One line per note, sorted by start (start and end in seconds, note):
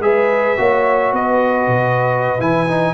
0.00 0.56 G#3
0.00 0.58 G#4
0.00 0.59 B4
0.00 1.15 E5
0.58 1.13 A#3
0.58 2.39 F#4
0.58 1.13 C#5
1.13 1.68 B3
1.13 2.94 B4
1.13 2.41 D#5
1.68 2.38 B2
2.39 2.94 E3
2.39 2.68 E4
2.39 2.94 G#5
2.68 2.94 D#4